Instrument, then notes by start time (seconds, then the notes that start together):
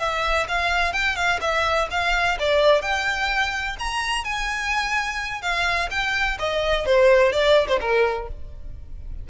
violin
0.00 E5
0.49 F5
0.93 G5
1.16 F5
1.42 E5
1.91 F5
2.40 D5
2.82 G5
3.79 A#5
4.25 G#5
5.42 F5
5.91 G5
6.39 D#5
6.86 C5
7.32 D5
7.68 C5
7.81 A#4